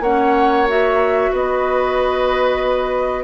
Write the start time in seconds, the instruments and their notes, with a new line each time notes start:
0.00 bassoon A#3, clarinet C#4, oboe C#5, flute F#5
0.67 clarinet F#4, flute E5
1.32 bassoon B3, oboe B4, flute D#5